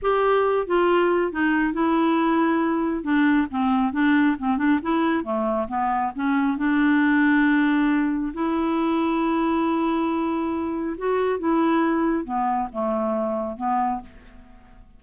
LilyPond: \new Staff \with { instrumentName = "clarinet" } { \time 4/4 \tempo 4 = 137 g'4. f'4. dis'4 | e'2. d'4 | c'4 d'4 c'8 d'8 e'4 | a4 b4 cis'4 d'4~ |
d'2. e'4~ | e'1~ | e'4 fis'4 e'2 | b4 a2 b4 | }